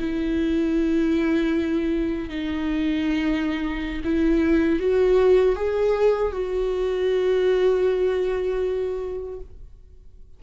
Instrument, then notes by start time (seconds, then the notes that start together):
viola
0.00 E4
2.29 D#4
4.05 E4
4.80 F#4
5.56 G#4
6.33 F#4